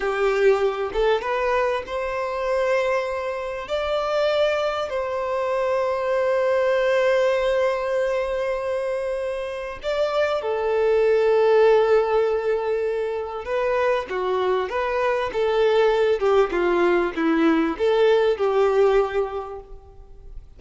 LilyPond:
\new Staff \with { instrumentName = "violin" } { \time 4/4 \tempo 4 = 98 g'4. a'8 b'4 c''4~ | c''2 d''2 | c''1~ | c''1 |
d''4 a'2.~ | a'2 b'4 fis'4 | b'4 a'4. g'8 f'4 | e'4 a'4 g'2 | }